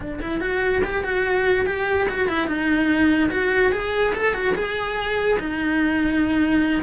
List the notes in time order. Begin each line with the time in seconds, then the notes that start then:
0.00 D4
0.21 E4
0.40 F#4
0.84 G4
1.03 F#4
1.66 G4
2.08 F#4
2.28 E4
2.47 D#4
3.30 F#4
3.72 G#4
4.14 A4
4.34 F#4
4.55 G#4
5.39 D#4